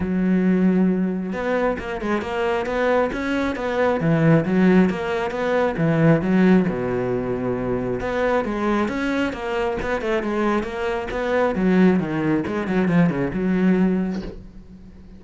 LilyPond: \new Staff \with { instrumentName = "cello" } { \time 4/4 \tempo 4 = 135 fis2. b4 | ais8 gis8 ais4 b4 cis'4 | b4 e4 fis4 ais4 | b4 e4 fis4 b,4~ |
b,2 b4 gis4 | cis'4 ais4 b8 a8 gis4 | ais4 b4 fis4 dis4 | gis8 fis8 f8 cis8 fis2 | }